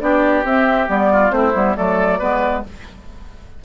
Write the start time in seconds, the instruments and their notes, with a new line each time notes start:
0.00 bassoon B3, clarinet D4, oboe G4, flute D5
0.44 bassoon C4, clarinet C4, flute E5
0.87 bassoon G3, clarinet B3, flute D5
1.13 oboe F4
1.30 bassoon A3, clarinet C4, oboe E4, flute C5
1.54 bassoon G3, clarinet B3
1.76 bassoon F#3, clarinet A3, oboe A4, flute D5
2.19 bassoon G#3, clarinet B3, oboe B4